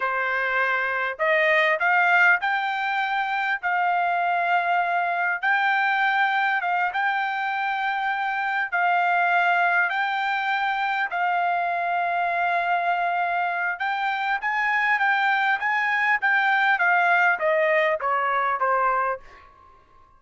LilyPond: \new Staff \with { instrumentName = "trumpet" } { \time 4/4 \tempo 4 = 100 c''2 dis''4 f''4 | g''2 f''2~ | f''4 g''2 f''8 g''8~ | g''2~ g''8 f''4.~ |
f''8 g''2 f''4.~ | f''2. g''4 | gis''4 g''4 gis''4 g''4 | f''4 dis''4 cis''4 c''4 | }